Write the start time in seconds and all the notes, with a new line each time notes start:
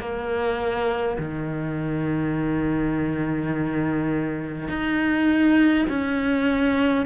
0.00 A#3
1.19 D#3
4.68 D#4
5.89 C#4